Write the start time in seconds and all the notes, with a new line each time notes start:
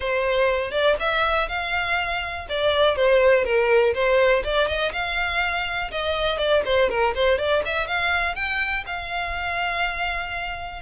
0.00 C5
0.71 D5
0.99 E5
1.48 F5
2.49 D5
2.96 C5
3.44 A#4
3.93 C5
4.44 D5
4.67 D#5
4.92 F5
5.91 D#5
6.38 D5
6.65 C5
6.89 A#4
7.14 C5
7.38 D5
7.65 E5
7.87 F5
8.35 G5
8.86 F5